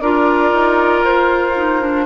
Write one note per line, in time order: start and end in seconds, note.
0.00 0.52 D4
0.00 1.56 F4
0.00 2.05 A#4
0.00 1.03 D5
0.53 1.02 D#4
1.02 2.05 F4
1.02 2.05 C5
1.56 1.81 D#4
1.81 2.05 D4